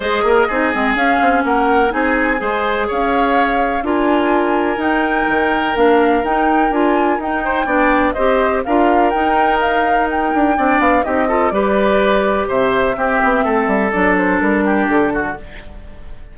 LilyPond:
<<
  \new Staff \with { instrumentName = "flute" } { \time 4/4 \tempo 4 = 125 dis''2 f''4 fis''4 | gis''2 f''2 | gis''2 g''2 | f''4 g''4 gis''4 g''4~ |
g''4 dis''4 f''4 g''4 | f''4 g''4. f''8 dis''4 | d''2 e''2~ | e''4 d''8 c''8 ais'4 a'4 | }
  \new Staff \with { instrumentName = "oboe" } { \time 4/4 c''8 ais'8 gis'2 ais'4 | gis'4 c''4 cis''2 | ais'1~ | ais'2.~ ais'8 c''8 |
d''4 c''4 ais'2~ | ais'2 d''4 g'8 a'8 | b'2 c''4 g'4 | a'2~ a'8 g'4 fis'8 | }
  \new Staff \with { instrumentName = "clarinet" } { \time 4/4 gis'4 dis'8 c'8 cis'2 | dis'4 gis'2. | f'2 dis'2 | d'4 dis'4 f'4 dis'4 |
d'4 g'4 f'4 dis'4~ | dis'2 d'4 dis'8 f'8 | g'2. c'4~ | c'4 d'2. | }
  \new Staff \with { instrumentName = "bassoon" } { \time 4/4 gis8 ais8 c'8 gis8 cis'8 c'8 ais4 | c'4 gis4 cis'2 | d'2 dis'4 dis4 | ais4 dis'4 d'4 dis'4 |
b4 c'4 d'4 dis'4~ | dis'4. d'8 c'8 b8 c'4 | g2 c4 c'8 b8 | a8 g8 fis4 g4 d4 | }
>>